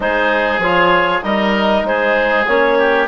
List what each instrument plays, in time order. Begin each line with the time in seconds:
0.00 bassoon G#3, trombone D#4, oboe G#4, clarinet C5
0.58 bassoon F3, trombone F4, clarinet C#5
1.22 bassoon G3, trombone D#4, oboe A#4, clarinet D#5
1.83 bassoon G#3, oboe G#4, clarinet C5
2.47 bassoon A#3, trombone C#4, clarinet C#5
2.78 oboe G4